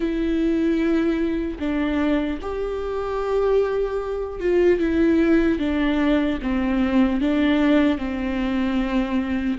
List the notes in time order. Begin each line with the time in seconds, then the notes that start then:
0.00 E4
1.59 D4
2.41 G4
4.40 F4
4.79 E4
5.58 D4
6.41 C4
7.20 D4
7.97 C4